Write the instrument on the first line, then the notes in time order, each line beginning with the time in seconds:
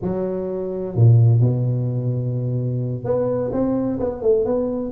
tuba
0.01 F#3
0.95 A#2
1.40 B2
3.04 B3
3.52 C4
4.00 B3
4.22 A3
4.45 B3